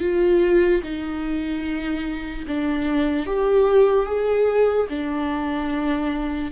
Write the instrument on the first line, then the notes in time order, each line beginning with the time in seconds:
viola
0.00 F4
0.83 D#4
2.47 D4
3.26 G4
4.05 G#4
4.89 D4